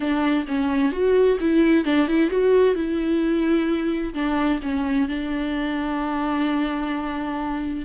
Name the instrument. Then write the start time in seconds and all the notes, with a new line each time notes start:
viola
0.00 D4
0.47 C#4
0.92 F#4
1.40 E4
1.84 D4
2.07 E4
2.30 F#4
2.75 E4
4.13 D4
4.62 C#4
5.08 D4